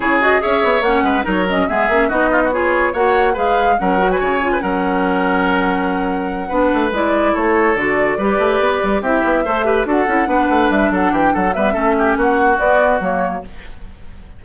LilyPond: <<
  \new Staff \with { instrumentName = "flute" } { \time 4/4 \tempo 4 = 143 cis''8 dis''8 e''4 fis''4 cis''8 dis''8 | e''4 dis''4 cis''4 fis''4 | f''4 fis''8. gis''4~ gis''16 fis''4~ | fis''1~ |
fis''8 d''4 cis''4 d''4.~ | d''4. e''2 fis''8~ | fis''4. e''8 fis''8 g''8 fis''8 e''8~ | e''4 fis''4 d''4 cis''4 | }
  \new Staff \with { instrumentName = "oboe" } { \time 4/4 gis'4 cis''4. b'8 ais'4 | gis'4 fis'8 f'16 fis'16 gis'4 cis''4 | b'4 ais'8. b'16 cis''8. b'16 ais'4~ | ais'2.~ ais'8 b'8~ |
b'4. a'2 b'8~ | b'4. g'4 c''8 b'8 a'8~ | a'8 b'4. a'8 g'8 a'8 b'8 | a'8 g'8 fis'2. | }
  \new Staff \with { instrumentName = "clarinet" } { \time 4/4 e'8 fis'8 gis'4 cis'4 dis'8 cis'8 | b8 cis'8 dis'4 f'4 fis'4 | gis'4 cis'8 fis'4 f'8 cis'4~ | cis'2.~ cis'8 d'8~ |
d'8 e'2 fis'4 g'8~ | g'4. e'4 a'8 g'8 fis'8 | e'8 d'2. b8 | cis'2 b4 ais4 | }
  \new Staff \with { instrumentName = "bassoon" } { \time 4/4 cis4 cis'8 b8 ais8 gis8 fis4 | gis8 ais8 b2 ais4 | gis4 fis4 cis4 fis4~ | fis2.~ fis8 b8 |
a8 gis4 a4 d4 g8 | a8 b8 g8 c'8 b8 a4 d'8 | cis'8 b8 a8 g8 fis8 e8 fis8 g8 | a4 ais4 b4 fis4 | }
>>